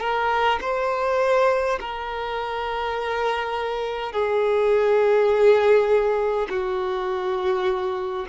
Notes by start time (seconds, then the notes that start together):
0.00 A#4
0.61 C5
1.80 A#4
4.12 G#4
6.50 F#4